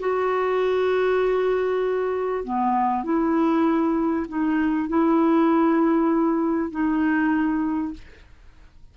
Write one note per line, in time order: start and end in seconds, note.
0.00 2.45 F#4
2.45 3.04 B3
3.04 4.26 E4
4.29 4.89 D#4
4.89 6.71 E4
6.71 7.94 D#4